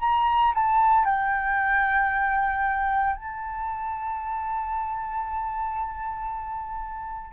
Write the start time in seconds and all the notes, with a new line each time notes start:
0.00 A#5
0.55 A5
1.05 G5
3.16 A5